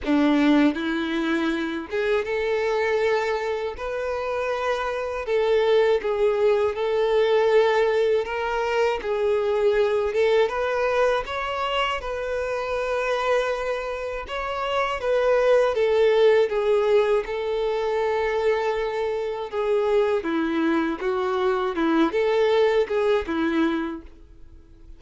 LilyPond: \new Staff \with { instrumentName = "violin" } { \time 4/4 \tempo 4 = 80 d'4 e'4. gis'8 a'4~ | a'4 b'2 a'4 | gis'4 a'2 ais'4 | gis'4. a'8 b'4 cis''4 |
b'2. cis''4 | b'4 a'4 gis'4 a'4~ | a'2 gis'4 e'4 | fis'4 e'8 a'4 gis'8 e'4 | }